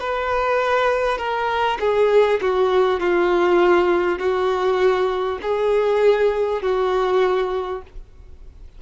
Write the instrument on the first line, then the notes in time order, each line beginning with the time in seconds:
violin
0.00 B4
1.17 A#4
1.80 G#4
2.41 F#4
3.00 F4
4.18 F#4
5.42 G#4
6.62 F#4